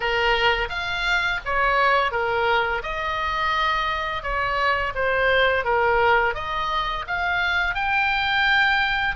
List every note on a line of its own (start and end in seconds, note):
0.00 0.68 A#4
0.69 1.40 F5
1.45 2.11 C#5
2.11 2.82 A#4
2.82 4.22 D#5
4.22 4.93 C#5
4.94 5.64 C5
5.64 6.34 A#4
6.34 7.05 D#5
7.07 7.75 F5
7.75 9.15 G5